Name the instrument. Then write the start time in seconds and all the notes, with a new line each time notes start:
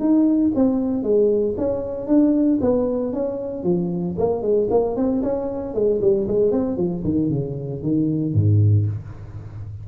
tuba
0.00 D#4
0.55 C4
1.03 G#3
1.58 C#4
2.07 D4
2.61 B3
3.13 C#4
3.64 F3
4.19 A#3
4.42 G#3
4.70 A#3
4.97 C4
5.23 C#4
5.74 G#3
6.02 G3
6.28 G#3
6.52 C4
6.77 F3
7.04 D#3
7.30 C#3
7.82 D#3
8.34 G#2